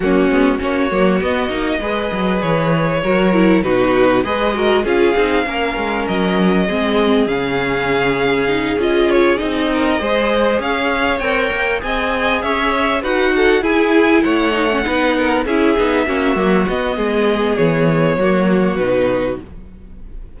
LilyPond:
<<
  \new Staff \with { instrumentName = "violin" } { \time 4/4 \tempo 4 = 99 fis'4 cis''4 dis''2 | cis''2 b'4 dis''4 | f''2 dis''2 | f''2~ f''8 dis''8 cis''8 dis''8~ |
dis''4. f''4 g''4 gis''8~ | gis''8 e''4 fis''4 gis''4 fis''8~ | fis''4. e''2 dis''8~ | dis''4 cis''2 b'4 | }
  \new Staff \with { instrumentName = "violin" } { \time 4/4 cis'4 fis'2 b'4~ | b'4 ais'4 fis'4 b'8 ais'8 | gis'4 ais'2 gis'4~ | gis'1 |
ais'8 c''4 cis''2 dis''8~ | dis''8 cis''4 b'8 a'8 gis'4 cis''8~ | cis''8 b'8 ais'8 gis'4 fis'4. | gis'2 fis'2 | }
  \new Staff \with { instrumentName = "viola" } { \time 4/4 ais8 b8 cis'8 ais8 b8 dis'8 gis'4~ | gis'4 fis'8 e'8 dis'4 gis'8 fis'8 | f'8 dis'8 cis'2 c'4 | cis'2 dis'8 f'4 dis'8~ |
dis'8 gis'2 ais'4 gis'8~ | gis'4. fis'4 e'4. | dis'16 cis'16 dis'4 e'8 dis'8 cis'8 ais8 b8~ | b2 ais4 dis'4 | }
  \new Staff \with { instrumentName = "cello" } { \time 4/4 fis8 gis8 ais8 fis8 b8 ais8 gis8 fis8 | e4 fis4 b,4 gis4 | cis'8 c'8 ais8 gis8 fis4 gis4 | cis2~ cis8 cis'4 c'8~ |
c'8 gis4 cis'4 c'8 ais8 c'8~ | c'8 cis'4 dis'4 e'4 a8~ | a8 b4 cis'8 b8 ais8 fis8 b8 | gis4 e4 fis4 b,4 | }
>>